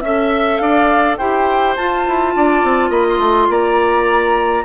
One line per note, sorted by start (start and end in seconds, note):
0.00 0.59 C#4
0.00 1.20 A4
0.00 0.57 E5
0.00 0.61 E5
0.57 1.18 D4
0.57 1.17 D5
0.57 1.15 F5
1.17 1.76 E4
1.17 1.78 G4
1.17 2.33 C5
1.17 1.75 G5
1.76 2.06 F4
1.76 4.64 F4
1.76 2.91 A5
2.07 2.35 E4
2.35 2.63 D4
2.35 2.90 D5
2.63 2.90 C4
2.90 3.18 A#3
2.90 3.47 D#5
2.90 3.05 B5
3.09 3.52 C6
3.18 3.47 A3
3.49 4.64 A#3
3.49 4.64 D5
3.49 4.64 A#5